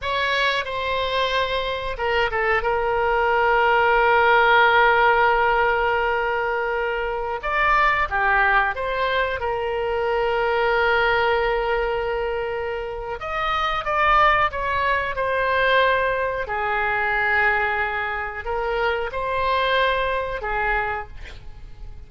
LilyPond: \new Staff \with { instrumentName = "oboe" } { \time 4/4 \tempo 4 = 91 cis''4 c''2 ais'8 a'8 | ais'1~ | ais'2.~ ais'16 d''8.~ | d''16 g'4 c''4 ais'4.~ ais'16~ |
ais'1 | dis''4 d''4 cis''4 c''4~ | c''4 gis'2. | ais'4 c''2 gis'4 | }